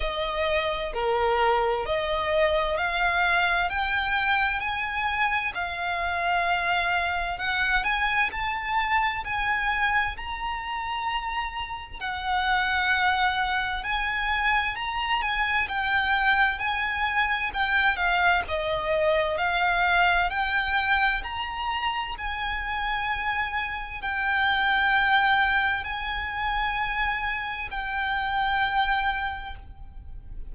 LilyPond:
\new Staff \with { instrumentName = "violin" } { \time 4/4 \tempo 4 = 65 dis''4 ais'4 dis''4 f''4 | g''4 gis''4 f''2 | fis''8 gis''8 a''4 gis''4 ais''4~ | ais''4 fis''2 gis''4 |
ais''8 gis''8 g''4 gis''4 g''8 f''8 | dis''4 f''4 g''4 ais''4 | gis''2 g''2 | gis''2 g''2 | }